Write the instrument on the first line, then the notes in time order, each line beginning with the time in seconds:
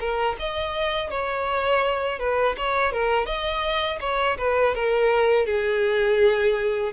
violin
0.00 A#4
0.40 D#5
1.11 C#5
2.20 B4
2.58 C#5
2.93 A#4
3.26 D#5
4.01 C#5
4.38 B4
4.75 A#4
5.46 G#4